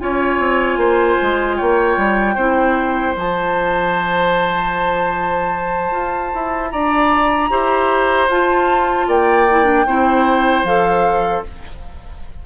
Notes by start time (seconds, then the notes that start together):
0.00 C#4 F4 C#5 G#5
0.39 C4
0.77 A#3 C5
1.22 G#3
1.57 A#3 C#5 G5
1.97 G3
2.35 C4 E4 C5
3.16 F3 F4 A5
5.92 F4
6.35 E4
6.71 D4 D5 A#5
7.50 E4 G4 C5
8.28 F4 A5
9.08 A#3 D5 G5
9.50 E4
9.65 D4
9.86 C4 E4 C5
10.64 F3 A4 F5